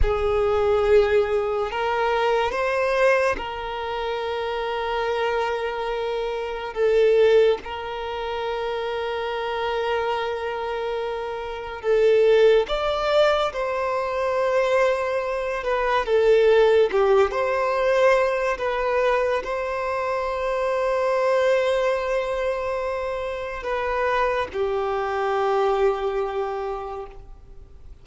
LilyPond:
\new Staff \with { instrumentName = "violin" } { \time 4/4 \tempo 4 = 71 gis'2 ais'4 c''4 | ais'1 | a'4 ais'2.~ | ais'2 a'4 d''4 |
c''2~ c''8 b'8 a'4 | g'8 c''4. b'4 c''4~ | c''1 | b'4 g'2. | }